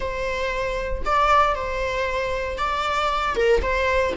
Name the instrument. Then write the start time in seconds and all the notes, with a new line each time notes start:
viola
0.00 C5
1.05 D5
1.55 C5
2.58 D5
3.35 A#4
3.62 C5